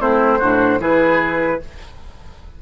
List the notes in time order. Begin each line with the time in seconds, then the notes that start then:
0.00 A3 C4 E4 C5
0.39 A2 D4 F#4
0.80 E3 E4 G#4 B4